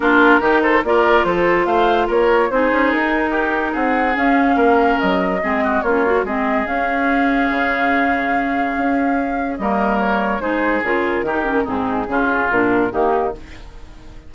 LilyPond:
<<
  \new Staff \with { instrumentName = "flute" } { \time 4/4 \tempo 4 = 144 ais'4. c''8 d''4 c''4 | f''4 cis''4 c''4 ais'4~ | ais'4 fis''4 f''2 | dis''2 cis''4 dis''4 |
f''1~ | f''2. dis''4 | cis''4 c''4 ais'2 | gis'2 ais'4 g'4 | }
  \new Staff \with { instrumentName = "oboe" } { \time 4/4 f'4 g'8 a'8 ais'4 a'4 | c''4 ais'4 gis'2 | g'4 gis'2 ais'4~ | ais'4 gis'8 fis'8 f'4 gis'4~ |
gis'1~ | gis'2. ais'4~ | ais'4 gis'2 g'4 | dis'4 f'2 dis'4 | }
  \new Staff \with { instrumentName = "clarinet" } { \time 4/4 d'4 dis'4 f'2~ | f'2 dis'2~ | dis'2 cis'2~ | cis'4 c'4 cis'8 fis'8 c'4 |
cis'1~ | cis'2. ais4~ | ais4 dis'4 f'4 dis'8 cis'8 | c'4 cis'4 d'4 ais4 | }
  \new Staff \with { instrumentName = "bassoon" } { \time 4/4 ais4 dis4 ais4 f4 | a4 ais4 c'8 cis'8 dis'4~ | dis'4 c'4 cis'4 ais4 | fis4 gis4 ais4 gis4 |
cis'2 cis2~ | cis4 cis'2 g4~ | g4 gis4 cis4 dis4 | gis,4 cis4 ais,4 dis4 | }
>>